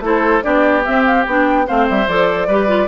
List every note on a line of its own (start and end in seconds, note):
0.00 0.41 A3
0.00 0.42 E4
0.00 0.44 A4
0.06 0.43 C5
0.42 0.86 B3
0.42 0.83 D4
0.42 1.66 G4
0.42 0.84 D5
0.85 1.25 C4
0.85 1.26 C4
0.85 1.05 E5
1.05 1.26 F5
1.26 1.67 B3
1.26 1.66 D4
1.26 1.68 G5
1.66 1.89 A3
1.66 2.07 C4
1.66 2.48 C5
1.66 1.88 F5
1.89 2.07 G3
1.89 2.08 E5
2.07 2.47 F3
2.07 2.49 A4
2.07 2.88 D5
2.47 2.88 G3
2.47 2.67 G4
2.47 2.88 B4
2.67 2.88 F4